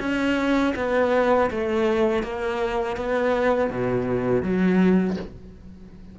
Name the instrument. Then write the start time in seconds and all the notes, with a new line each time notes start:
cello
0.00 C#4
0.76 B3
1.51 A3
2.23 A#3
2.97 B3
3.70 B2
4.43 F#3